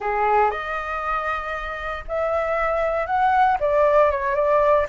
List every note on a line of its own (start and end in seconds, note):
0.00 0.50 G#4
0.50 2.04 D#5
2.07 3.06 E5
3.06 3.57 F#5
3.60 4.10 D5
4.10 4.35 C#5
4.35 4.86 D5